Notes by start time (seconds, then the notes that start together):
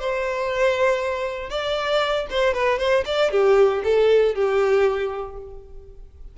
0.00 C5
1.50 D5
2.30 C5
2.54 B4
2.79 C5
3.05 D5
3.31 G4
3.84 A4
4.35 G4